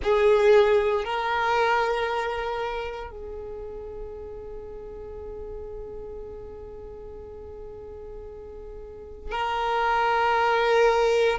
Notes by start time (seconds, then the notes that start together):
0.03 G#4
1.04 A#4
3.10 G#4
9.31 A#4